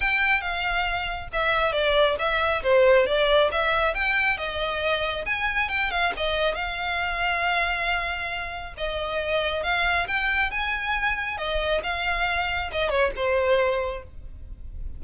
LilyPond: \new Staff \with { instrumentName = "violin" } { \time 4/4 \tempo 4 = 137 g''4 f''2 e''4 | d''4 e''4 c''4 d''4 | e''4 g''4 dis''2 | gis''4 g''8 f''8 dis''4 f''4~ |
f''1 | dis''2 f''4 g''4 | gis''2 dis''4 f''4~ | f''4 dis''8 cis''8 c''2 | }